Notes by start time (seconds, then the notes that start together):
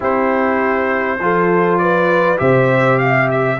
0.00 C4 E4 G4 C5
1.19 F3 F4 A4
1.78 B4 D5
2.37 C3 G4 C5 E5
2.98 E5 F5
3.30 E5